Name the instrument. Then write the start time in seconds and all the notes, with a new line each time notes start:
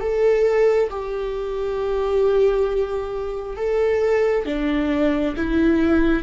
viola
0.00 A4
0.90 G4
3.57 A4
4.45 D4
5.36 E4